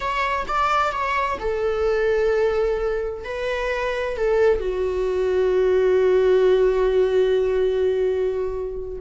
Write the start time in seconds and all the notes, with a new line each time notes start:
0.00 C#5
0.47 D5
0.92 C#5
1.39 A4
3.24 B4
4.16 A4
4.59 F#4